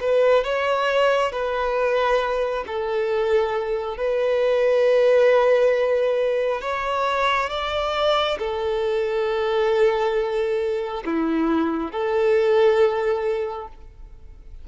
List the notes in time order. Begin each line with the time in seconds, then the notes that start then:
0.00 B4
0.44 C#5
1.32 B4
2.67 A4
3.97 B4
6.61 C#5
7.50 D5
8.39 A4
11.05 E4
11.91 A4